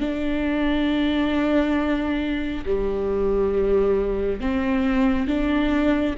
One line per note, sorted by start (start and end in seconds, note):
0.00 2.65 D4
2.66 4.41 G3
4.41 5.28 C4
5.28 6.16 D4